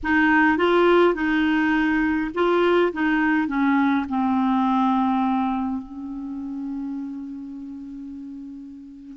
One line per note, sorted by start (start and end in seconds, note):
0.03 0.57 D#4
0.57 1.14 F4
1.14 2.30 D#4
2.34 2.92 F4
2.92 3.47 D#4
3.47 4.06 C#4
4.08 5.82 C4
5.82 9.17 C#4